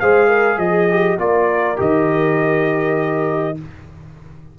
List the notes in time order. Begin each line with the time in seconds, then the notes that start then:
0.00 G#3 G#4 C5 F5
0.28 A#4
0.58 F3 G#4 D#5
0.90 G4
1.19 A#3 F4 A#4 D5
1.76 D#3 G4 D#5